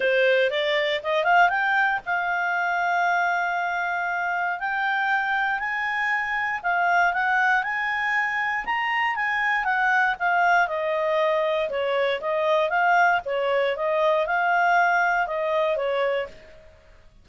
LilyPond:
\new Staff \with { instrumentName = "clarinet" } { \time 4/4 \tempo 4 = 118 c''4 d''4 dis''8 f''8 g''4 | f''1~ | f''4 g''2 gis''4~ | gis''4 f''4 fis''4 gis''4~ |
gis''4 ais''4 gis''4 fis''4 | f''4 dis''2 cis''4 | dis''4 f''4 cis''4 dis''4 | f''2 dis''4 cis''4 | }